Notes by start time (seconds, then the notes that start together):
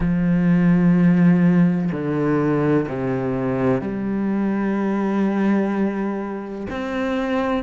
0.00 F3
1.92 D3
2.88 C3
3.81 G3
6.70 C4